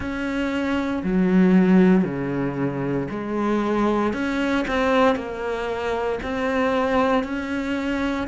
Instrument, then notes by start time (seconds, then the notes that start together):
cello
0.00 C#4
1.03 F#3
2.04 C#3
3.10 G#3
4.13 C#4
4.67 C4
5.15 A#3
6.23 C4
7.23 C#4